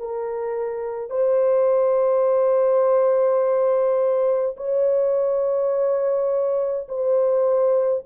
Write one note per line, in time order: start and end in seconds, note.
0.00 1.10 A#4
1.10 4.56 C5
4.57 6.88 C#5
6.89 8.05 C5